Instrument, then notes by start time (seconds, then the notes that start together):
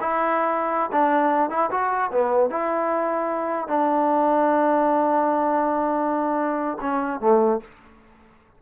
trombone
0.00 E4
0.91 D4
1.50 E4
1.70 F#4
2.11 B3
2.50 E4
3.67 D4
6.80 C#4
7.20 A3